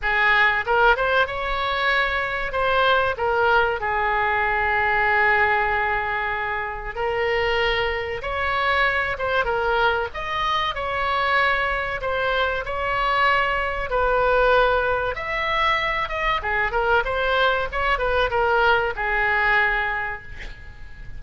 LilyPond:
\new Staff \with { instrumentName = "oboe" } { \time 4/4 \tempo 4 = 95 gis'4 ais'8 c''8 cis''2 | c''4 ais'4 gis'2~ | gis'2. ais'4~ | ais'4 cis''4. c''8 ais'4 |
dis''4 cis''2 c''4 | cis''2 b'2 | e''4. dis''8 gis'8 ais'8 c''4 | cis''8 b'8 ais'4 gis'2 | }